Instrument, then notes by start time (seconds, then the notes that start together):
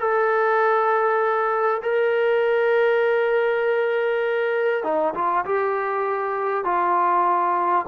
trombone
0.00 A4
1.83 A#4
4.84 D#4
5.15 F4
5.45 G4
6.65 F4